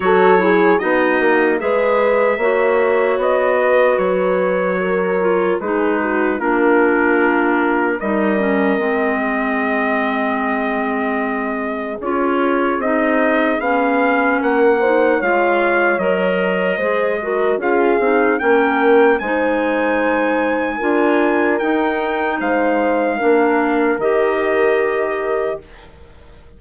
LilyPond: <<
  \new Staff \with { instrumentName = "trumpet" } { \time 4/4 \tempo 4 = 75 cis''4 dis''4 e''2 | dis''4 cis''2 b'4 | ais'2 dis''2~ | dis''2. cis''4 |
dis''4 f''4 fis''4 f''4 | dis''2 f''4 g''4 | gis''2. g''4 | f''2 dis''2 | }
  \new Staff \with { instrumentName = "horn" } { \time 4/4 a'8 gis'8 fis'4 b'4 cis''4~ | cis''8 b'4. ais'4 gis'8 fis'8 | f'2 ais'4. gis'8~ | gis'1~ |
gis'2 ais'8 c''8 cis''4~ | cis''4 c''8 ais'8 gis'4 ais'4 | c''2 ais'2 | c''4 ais'2. | }
  \new Staff \with { instrumentName = "clarinet" } { \time 4/4 fis'8 e'8 dis'4 gis'4 fis'4~ | fis'2~ fis'8 f'8 dis'4 | d'2 dis'8 cis'8 c'4~ | c'2. f'4 |
dis'4 cis'4. dis'8 f'4 | ais'4 gis'8 fis'8 f'8 dis'8 cis'4 | dis'2 f'4 dis'4~ | dis'4 d'4 g'2 | }
  \new Staff \with { instrumentName = "bassoon" } { \time 4/4 fis4 b8 ais8 gis4 ais4 | b4 fis2 gis4 | ais2 g4 gis4~ | gis2. cis'4 |
c'4 b4 ais4 gis4 | fis4 gis4 cis'8 c'8 ais4 | gis2 d'4 dis'4 | gis4 ais4 dis2 | }
>>